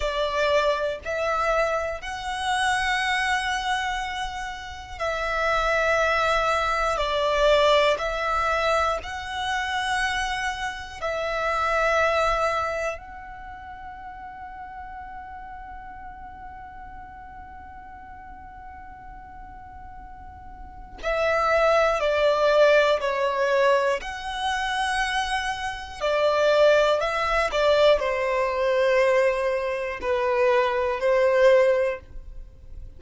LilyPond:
\new Staff \with { instrumentName = "violin" } { \time 4/4 \tempo 4 = 60 d''4 e''4 fis''2~ | fis''4 e''2 d''4 | e''4 fis''2 e''4~ | e''4 fis''2.~ |
fis''1~ | fis''4 e''4 d''4 cis''4 | fis''2 d''4 e''8 d''8 | c''2 b'4 c''4 | }